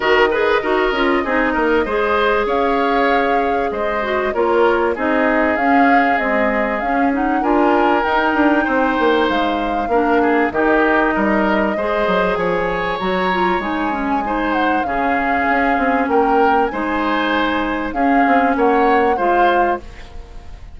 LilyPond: <<
  \new Staff \with { instrumentName = "flute" } { \time 4/4 \tempo 4 = 97 dis''1 | f''2 dis''4 cis''4 | dis''4 f''4 dis''4 f''8 fis''8 | gis''4 g''2 f''4~ |
f''4 dis''2. | gis''4 ais''4 gis''4. fis''8 | f''2 g''4 gis''4~ | gis''4 f''4 fis''4 f''4 | }
  \new Staff \with { instrumentName = "oboe" } { \time 4/4 ais'8 b'8 ais'4 gis'8 ais'8 c''4 | cis''2 c''4 ais'4 | gis'1 | ais'2 c''2 |
ais'8 gis'8 g'4 ais'4 c''4 | cis''2. c''4 | gis'2 ais'4 c''4~ | c''4 gis'4 cis''4 c''4 | }
  \new Staff \with { instrumentName = "clarinet" } { \time 4/4 fis'8 gis'8 fis'8 f'8 dis'4 gis'4~ | gis'2~ gis'8 fis'8 f'4 | dis'4 cis'4 gis4 cis'8 dis'8 | f'4 dis'2. |
d'4 dis'2 gis'4~ | gis'4 fis'8 f'8 dis'8 cis'8 dis'4 | cis'2. dis'4~ | dis'4 cis'2 f'4 | }
  \new Staff \with { instrumentName = "bassoon" } { \time 4/4 dis4 dis'8 cis'8 c'8 ais8 gis4 | cis'2 gis4 ais4 | c'4 cis'4 c'4 cis'4 | d'4 dis'8 d'8 c'8 ais8 gis4 |
ais4 dis4 g4 gis8 fis8 | f4 fis4 gis2 | cis4 cis'8 c'8 ais4 gis4~ | gis4 cis'8 c'8 ais4 gis4 | }
>>